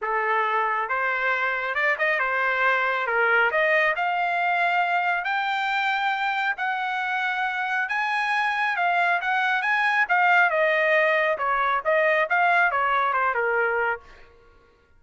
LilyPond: \new Staff \with { instrumentName = "trumpet" } { \time 4/4 \tempo 4 = 137 a'2 c''2 | d''8 dis''8 c''2 ais'4 | dis''4 f''2. | g''2. fis''4~ |
fis''2 gis''2 | f''4 fis''4 gis''4 f''4 | dis''2 cis''4 dis''4 | f''4 cis''4 c''8 ais'4. | }